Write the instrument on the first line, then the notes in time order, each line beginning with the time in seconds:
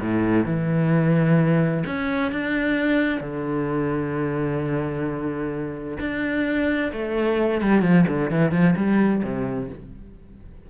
cello
0.00 A2
0.45 E3
1.86 C#4
2.32 D4
3.21 D3
6.00 D4
6.92 A3
7.61 G3
7.82 F3
8.08 D3
8.31 E3
8.52 F3
8.76 G3
9.23 C3